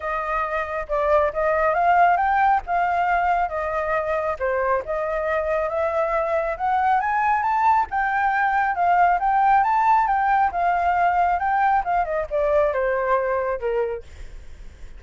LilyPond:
\new Staff \with { instrumentName = "flute" } { \time 4/4 \tempo 4 = 137 dis''2 d''4 dis''4 | f''4 g''4 f''2 | dis''2 c''4 dis''4~ | dis''4 e''2 fis''4 |
gis''4 a''4 g''2 | f''4 g''4 a''4 g''4 | f''2 g''4 f''8 dis''8 | d''4 c''2 ais'4 | }